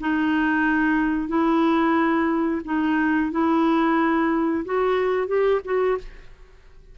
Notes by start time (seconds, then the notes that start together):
0.00 D#4
1.28 E4
2.65 D#4
3.32 E4
4.65 F#4
5.27 G4
5.65 F#4